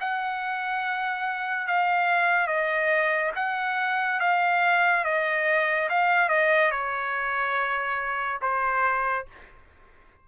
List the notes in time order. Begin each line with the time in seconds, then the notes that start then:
0.00 F#5
1.67 F5
2.47 D#5
3.35 F#5
4.20 F5
5.04 D#5
5.89 F5
6.29 D#5
6.71 C#5
8.42 C5